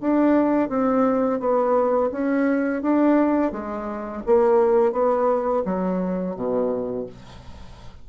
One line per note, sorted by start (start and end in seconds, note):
0.00 0.69 D4
0.69 1.39 C4
1.39 2.10 B3
2.11 2.82 C#4
2.82 3.52 D4
3.52 4.22 G#3
4.26 4.92 A#3
4.92 5.62 B3
5.65 6.35 F#3
6.35 7.06 B2